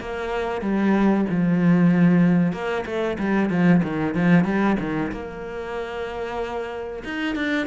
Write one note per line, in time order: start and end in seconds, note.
0.00 0.62 A#3
0.62 1.25 G3
1.29 2.52 F3
2.52 2.84 A#3
2.86 3.17 A3
3.19 3.50 G3
3.50 3.82 F3
3.83 4.15 D#3
4.15 4.45 F3
4.45 4.77 G3
4.79 5.11 D#3
5.12 7.03 A#3
7.04 7.35 D#4
7.35 7.67 D4